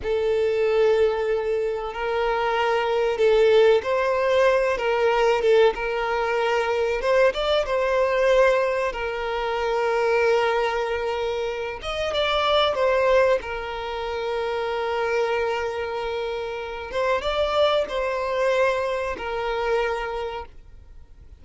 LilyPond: \new Staff \with { instrumentName = "violin" } { \time 4/4 \tempo 4 = 94 a'2. ais'4~ | ais'4 a'4 c''4. ais'8~ | ais'8 a'8 ais'2 c''8 d''8 | c''2 ais'2~ |
ais'2~ ais'8 dis''8 d''4 | c''4 ais'2.~ | ais'2~ ais'8 c''8 d''4 | c''2 ais'2 | }